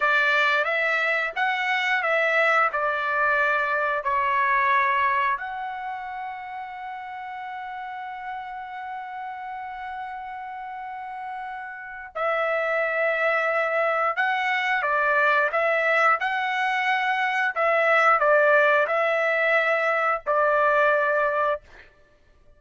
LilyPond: \new Staff \with { instrumentName = "trumpet" } { \time 4/4 \tempo 4 = 89 d''4 e''4 fis''4 e''4 | d''2 cis''2 | fis''1~ | fis''1~ |
fis''2 e''2~ | e''4 fis''4 d''4 e''4 | fis''2 e''4 d''4 | e''2 d''2 | }